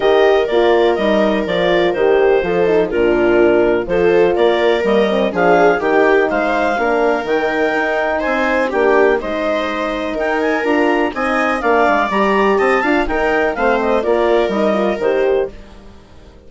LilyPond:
<<
  \new Staff \with { instrumentName = "clarinet" } { \time 4/4 \tempo 4 = 124 dis''4 d''4 dis''4 d''4 | c''2 ais'2 | c''4 d''4 dis''4 f''4 | g''4 f''2 g''4~ |
g''4 gis''4 g''4 dis''4~ | dis''4 g''8 gis''8 ais''4 gis''4 | f''4 ais''4 a''4 g''4 | f''8 dis''8 d''4 dis''4 c''4 | }
  \new Staff \with { instrumentName = "viola" } { \time 4/4 ais'1~ | ais'4 a'4 f'2 | a'4 ais'2 gis'4 | g'4 c''4 ais'2~ |
ais'4 c''4 g'4 c''4~ | c''4 ais'2 dis''4 | d''2 dis''8 f''8 ais'4 | c''4 ais'2. | }
  \new Staff \with { instrumentName = "horn" } { \time 4/4 g'4 f'4 dis'4 f'4 | g'4 f'8 dis'8 d'2 | f'2 ais8 c'8 d'4 | dis'2 d'4 dis'4~ |
dis'2 d'4 dis'4~ | dis'2 f'4 dis'4 | d'4 g'4. f'8 dis'4 | c'4 f'4 dis'8 f'8 g'4 | }
  \new Staff \with { instrumentName = "bassoon" } { \time 4/4 dis4 ais4 g4 f4 | dis4 f4 ais,2 | f4 ais4 g4 f4 | dis4 gis4 ais4 dis4 |
dis'4 c'4 ais4 gis4~ | gis4 dis'4 d'4 c'4 | ais8 gis8 g4 c'8 d'8 dis'4 | a4 ais4 g4 dis4 | }
>>